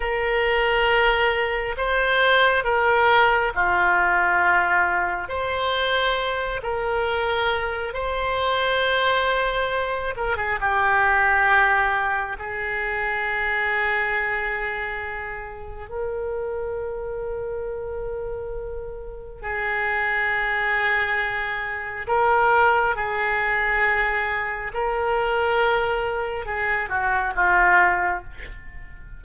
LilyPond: \new Staff \with { instrumentName = "oboe" } { \time 4/4 \tempo 4 = 68 ais'2 c''4 ais'4 | f'2 c''4. ais'8~ | ais'4 c''2~ c''8 ais'16 gis'16 | g'2 gis'2~ |
gis'2 ais'2~ | ais'2 gis'2~ | gis'4 ais'4 gis'2 | ais'2 gis'8 fis'8 f'4 | }